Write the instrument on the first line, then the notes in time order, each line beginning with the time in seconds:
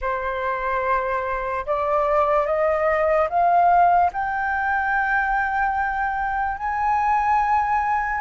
flute
0.01 C5
1.66 D5
2.46 D#5
3.29 F5
4.12 G5
6.58 G#5